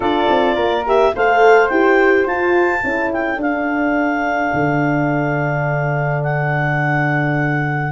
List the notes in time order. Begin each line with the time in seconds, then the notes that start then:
0.00 D4 F4 A4 D5
0.29 C4
0.55 A#3 A#4
0.86 G4 E5
1.14 A3 A4 C5 F5
1.69 E4 G4 G5
2.26 F4 A5
2.81 C#4 E4 A4
3.12 G5
3.37 D4 F5
4.53 D3
6.23 F#5